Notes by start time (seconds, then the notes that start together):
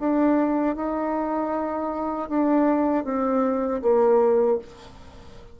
0.00 D4
0.76 D#4
2.29 D4
3.05 C4
3.82 A#3